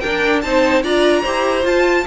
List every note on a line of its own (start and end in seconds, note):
0.00 0.44 D4
0.00 0.43 A#4
0.00 0.41 G5
0.42 0.84 C4
0.42 0.83 D#4
0.42 0.84 C5
0.42 0.82 A5
0.83 1.24 D4
0.83 1.24 F4
0.83 1.22 D5
0.83 1.66 A#5
1.22 1.65 E4
1.22 1.63 G4
1.22 2.04 C5
1.63 2.04 F4
1.63 2.06 F4
1.63 2.07 A5